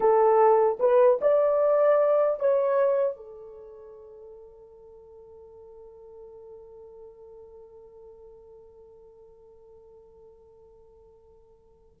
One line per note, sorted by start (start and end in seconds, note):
0.00 0.77 A4
0.79 1.19 B4
1.21 2.39 D5
2.39 3.16 C#5
3.16 11.96 A4